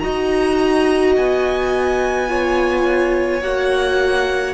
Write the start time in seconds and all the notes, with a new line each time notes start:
0.00 D#4 F#4 D#5 A#5
1.17 B3 G#5
2.29 F4 C#5
3.42 A#3 F#4 F#5